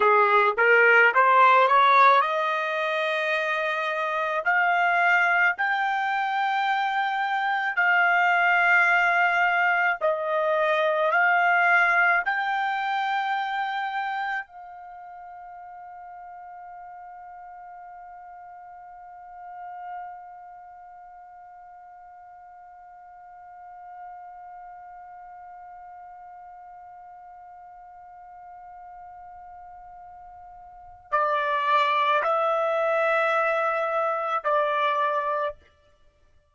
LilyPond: \new Staff \with { instrumentName = "trumpet" } { \time 4/4 \tempo 4 = 54 gis'8 ais'8 c''8 cis''8 dis''2 | f''4 g''2 f''4~ | f''4 dis''4 f''4 g''4~ | g''4 f''2.~ |
f''1~ | f''1~ | f''1 | d''4 e''2 d''4 | }